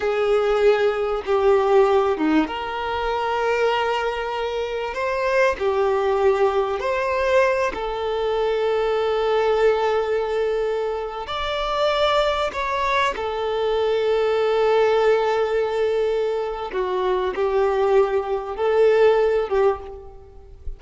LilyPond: \new Staff \with { instrumentName = "violin" } { \time 4/4 \tempo 4 = 97 gis'2 g'4. dis'8 | ais'1 | c''4 g'2 c''4~ | c''8 a'2.~ a'8~ |
a'2~ a'16 d''4.~ d''16~ | d''16 cis''4 a'2~ a'8.~ | a'2. fis'4 | g'2 a'4. g'8 | }